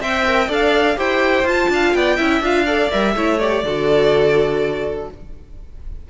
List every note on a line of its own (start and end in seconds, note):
0.00 0.48 C4
0.00 0.27 C5
0.00 0.48 E5
0.00 0.52 G5
0.28 0.49 A#4
0.48 0.97 D4
0.48 0.96 A4
0.48 0.97 D5
0.48 0.99 F5
0.96 1.44 E4
0.96 1.45 G4
0.96 1.71 C5
0.96 1.48 G5
1.44 1.68 F4
1.44 2.18 F4
1.44 1.94 A5
1.70 1.94 D4
1.70 1.97 F5
1.94 2.19 B3
1.94 2.17 D5
1.94 2.42 G5
2.17 2.41 C#4
2.17 2.43 E4
2.17 2.65 E5
2.41 2.90 D4
2.41 2.67 F4
2.41 2.91 F5
2.66 2.91 A4
2.66 3.14 D5
2.91 3.16 G3
2.91 3.15 A#4
2.91 3.39 E5
3.16 3.64 A3
3.16 3.41 E4
3.16 3.65 C#5
3.39 3.65 G4
3.39 5.09 D5
3.64 5.09 D3
3.64 5.10 F#4
3.64 5.10 A4